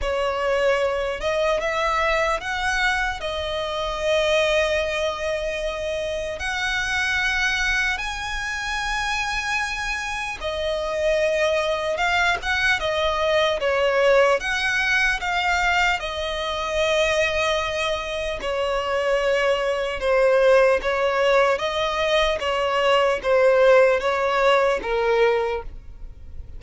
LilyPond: \new Staff \with { instrumentName = "violin" } { \time 4/4 \tempo 4 = 75 cis''4. dis''8 e''4 fis''4 | dis''1 | fis''2 gis''2~ | gis''4 dis''2 f''8 fis''8 |
dis''4 cis''4 fis''4 f''4 | dis''2. cis''4~ | cis''4 c''4 cis''4 dis''4 | cis''4 c''4 cis''4 ais'4 | }